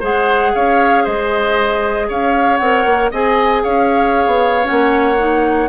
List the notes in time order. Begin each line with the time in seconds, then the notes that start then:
0.00 G#3 G#4 C5 F#5
0.55 C#4 C#5 F5
1.04 G#3 C5 D#5
2.08 C#4 C#5 F5
2.57 C4 A#4 F#5
2.86 A#3
3.11 C4 G#4 D#5 G#5
3.63 C#4 C#5 F5
4.27 B3
4.64 C#4 F#5
4.71 A#3
5.18 D#4